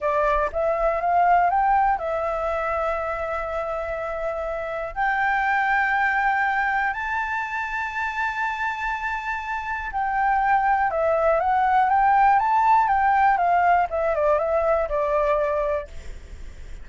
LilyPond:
\new Staff \with { instrumentName = "flute" } { \time 4/4 \tempo 4 = 121 d''4 e''4 f''4 g''4 | e''1~ | e''2 g''2~ | g''2 a''2~ |
a''1 | g''2 e''4 fis''4 | g''4 a''4 g''4 f''4 | e''8 d''8 e''4 d''2 | }